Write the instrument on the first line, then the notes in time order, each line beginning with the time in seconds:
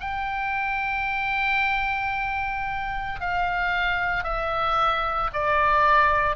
oboe
0.00 G5
3.20 F5
4.23 E5
5.33 D5